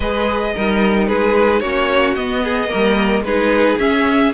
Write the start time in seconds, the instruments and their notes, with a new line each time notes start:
0.00 cello G#3, viola G#4, violin B4 D#5
0.54 cello G3, viola D#4, violin A#4
1.07 cello G#3, violin G#4 B4
1.59 cello A#3, viola C#4, violin F#4 C#5
2.15 viola B3, cello B3, violin D#5
2.43 violin G#4
2.68 cello G3, viola A#3, violin A#4
3.20 cello G#3, violin G#4 B4
3.27 viola D#4
3.78 cello C#4, viola C#4, violin E5